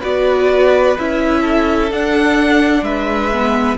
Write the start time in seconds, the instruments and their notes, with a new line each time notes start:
0.00 cello B3, viola F#4, violin B4 D5
0.98 cello C#4, viola E4, violin E5
1.41 violin A4
1.91 cello D4, viola D4, violin F#5
2.82 cello G#3, violin B4 E5
3.33 viola B3